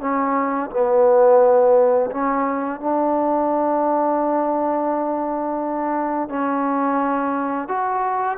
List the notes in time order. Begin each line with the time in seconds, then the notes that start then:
0.00 C#4
0.70 B3
2.11 C#4
2.80 D4
6.29 C#4
7.68 F#4